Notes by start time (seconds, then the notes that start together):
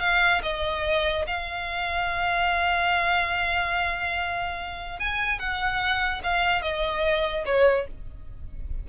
0.00 F5
0.43 D#5
1.27 F5
5.00 G#5
5.39 F#5
6.24 F5
6.62 D#5
7.46 C#5